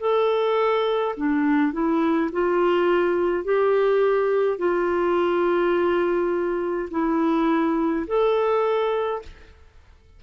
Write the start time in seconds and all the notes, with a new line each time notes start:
0.00 A4
1.17 D4
1.73 E4
2.32 F4
3.45 G4
4.58 F4
6.91 E4
8.07 A4